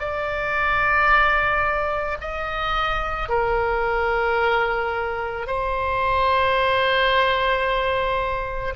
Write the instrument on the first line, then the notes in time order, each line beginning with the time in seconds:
oboe
0.00 D5
2.21 D#5
3.29 A#4
5.47 C5